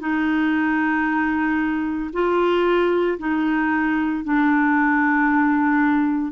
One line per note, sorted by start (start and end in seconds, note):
0.00 2.11 D#4
2.13 3.18 F4
3.19 4.24 D#4
4.24 6.32 D4